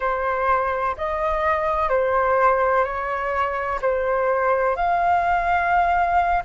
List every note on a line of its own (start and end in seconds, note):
0.00 0.95 C5
0.97 1.89 D#5
1.89 2.84 C5
2.84 3.79 C#5
3.81 4.76 C5
4.76 6.42 F5